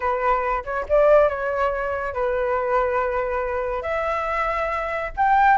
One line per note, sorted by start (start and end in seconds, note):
0.00 0.63 B4
0.64 0.86 C#5
0.88 1.28 D5
1.28 2.13 C#5
2.13 3.82 B4
3.82 5.11 E5
5.16 5.57 G5